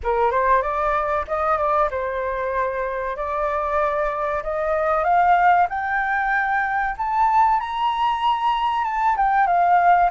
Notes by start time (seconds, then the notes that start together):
0.03 A#4
0.31 C5
0.61 D5
1.27 D#5
1.57 D5
1.91 C5
3.16 D5
4.43 D#5
5.04 F5
5.69 G5
6.97 A5
7.60 A#5
8.84 A5
9.16 G5
9.47 F5